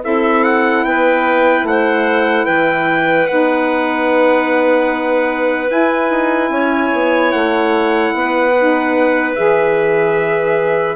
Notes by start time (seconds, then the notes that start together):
0.00 C4 E4 A4 E5
0.44 F#5
0.84 B3 B4 G5
1.63 A3 C5 F#5
2.45 E3 B4 G5
3.27 B3 D#4 F#5
5.68 E4 G#5
6.10 D#4
6.49 C#4 C#5
6.93 B3
7.31 A3 F#5
8.13 B3 B4
8.58 D#4
9.35 E3 G#4 E5